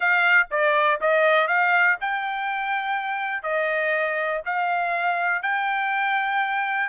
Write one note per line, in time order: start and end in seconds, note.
0.00 0.47 F5
0.50 0.99 D5
1.00 1.47 D#5
1.47 1.96 F5
2.00 3.42 G5
3.42 4.41 D#5
4.45 5.42 F5
5.42 6.89 G5